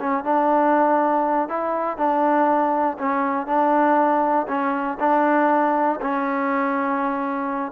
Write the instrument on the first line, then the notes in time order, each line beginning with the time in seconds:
trombone
0.00 C#4
0.24 D4
1.49 E4
1.98 D4
2.98 C#4
3.47 D4
4.48 C#4
5.00 D4
6.01 C#4